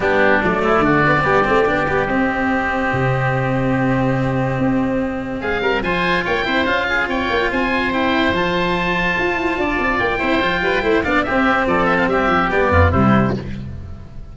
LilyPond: <<
  \new Staff \with { instrumentName = "oboe" } { \time 4/4 \tempo 4 = 144 g'4 d''2.~ | d''4 dis''2.~ | dis''1~ | dis''4 f''4 gis''4 g''4 |
f''4 g''4 gis''4 g''4 | a''1 | g''2~ g''8 f''8 e''4 | d''8 e''16 f''16 e''4 d''4 c''4 | }
  \new Staff \with { instrumentName = "oboe" } { \time 4/4 d'4. e'8 fis'4 g'4~ | g'1~ | g'1~ | g'4 gis'8 ais'8 c''4 cis''8 c''8~ |
c''8 gis'8 cis''4 c''2~ | c''2. d''4~ | d''8 c''4 b'8 c''8 d''8 g'4 | a'4 g'4. f'8 e'4 | }
  \new Staff \with { instrumentName = "cello" } { \time 4/4 b4 a4. b16 c'16 b8 c'8 | d'8 b8 c'2.~ | c'1~ | c'2 f'4. e'8 |
f'2. e'4 | f'1~ | f'8 e'8 f'4 e'8 d'8 c'4~ | c'2 b4 g4 | }
  \new Staff \with { instrumentName = "tuba" } { \time 4/4 g4 fis4 d4 g8 a8 | b8 g8 c'2 c4~ | c2. c'4~ | c'4 gis8 g8 f4 ais8 c'8 |
cis'4 c'8 ais8 c'2 | f2 f'8 e'8 d'8 c'8 | ais8 c'8 f8 g8 a8 b8 c'4 | f4 g8 f8 g8 f,8 c4 | }
>>